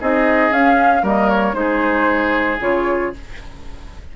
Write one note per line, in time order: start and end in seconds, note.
0.00 0.51 C4
0.00 0.52 D#4
0.00 1.02 G#4
0.00 0.53 D#5
0.51 1.02 C#4
0.51 1.05 F5
1.02 1.53 G3
1.02 1.53 A#3
1.02 1.54 A#4
1.02 1.29 D#5
1.29 1.54 C#5
1.53 2.58 G#3
1.53 2.57 D#4
1.53 2.58 C5
1.59 3.16 G#4
2.60 3.12 C#3
2.60 3.13 F4
2.60 3.14 C#5